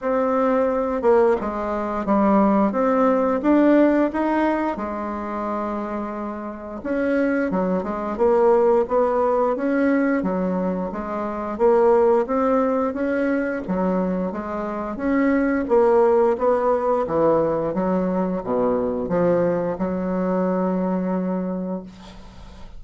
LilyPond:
\new Staff \with { instrumentName = "bassoon" } { \time 4/4 \tempo 4 = 88 c'4. ais8 gis4 g4 | c'4 d'4 dis'4 gis4~ | gis2 cis'4 fis8 gis8 | ais4 b4 cis'4 fis4 |
gis4 ais4 c'4 cis'4 | fis4 gis4 cis'4 ais4 | b4 e4 fis4 b,4 | f4 fis2. | }